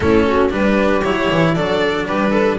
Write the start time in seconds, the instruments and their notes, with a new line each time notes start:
0.00 double bass A3, cello C#4, viola E4, violin A4
0.27 viola F#4
0.49 double bass G3, cello D4, viola G4, violin B4
1.03 double bass F#3, cello E4, violin C#5
1.31 double bass E3
1.54 double bass F#3, cello D4, viola A4, violin D5
2.06 double bass G3, viola G4, violin B4
2.31 viola A4